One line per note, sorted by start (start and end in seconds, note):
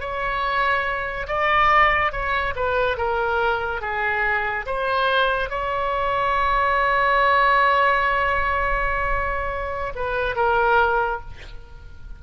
0.00 1.27 C#5
1.27 2.12 D5
2.12 2.54 C#5
2.55 2.97 B4
2.97 3.81 A#4
3.81 4.66 G#4
4.66 5.49 C5
5.49 9.93 C#5
9.95 10.36 B4
10.36 11.20 A#4